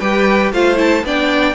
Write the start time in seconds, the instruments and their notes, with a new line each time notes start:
0.00 cello G3, viola G4, violin B4 G5
0.52 cello A3, viola F4, violin C5 F5
0.76 viola E4, violin A5
1.04 cello B3, viola D4, violin D5 G5